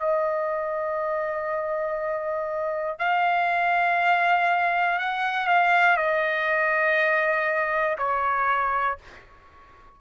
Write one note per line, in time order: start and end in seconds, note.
0.00 2.99 D#5
2.99 4.99 F5
4.99 5.48 F#5
5.48 5.97 F5
5.97 7.97 D#5
7.99 8.99 C#5